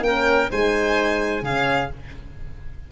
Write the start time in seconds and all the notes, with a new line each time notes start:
0.00 A#3 C#4 G5
0.07 A#4
0.49 G#3 D#4 C5 G#5
1.42 C#3 C#4 G#4 F5